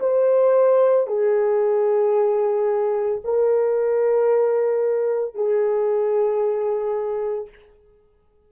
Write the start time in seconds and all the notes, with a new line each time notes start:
0.00 C5
1.07 G#4
3.24 A#4
5.35 G#4